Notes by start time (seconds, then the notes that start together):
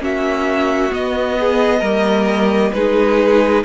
0.00 A#3 C#4 F#4 E5
0.91 B3 D#5
1.40 G#4
1.80 G3 A#3 A#4
2.73 G#3 D#4 G#4 B4